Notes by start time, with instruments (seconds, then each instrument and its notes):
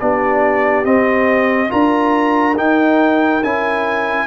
0.00 tuba B3, trombone D4, horn G4, trumpet D5
0.84 trombone C4, tuba C4, trumpet D#5
1.69 tuba D4, trombone F4, horn A#4, trumpet A#5
2.57 trombone D#4, tuba D#4, trumpet G5
3.43 tuba C#4, trombone E4, trumpet G#5